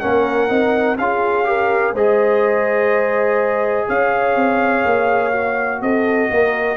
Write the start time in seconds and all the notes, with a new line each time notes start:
0.00 A#3 C#4 A#4 F#5
0.49 C4 D#4
0.98 C#4 F4 G#4 F5
1.45 G4 A#4
1.94 G#3 G#4 C5 D#5
3.88 C#4 C#5 F5
4.36 C4
4.85 A#3
5.33 F#4
5.82 C4 A4 D#5
6.31 A#3 A#4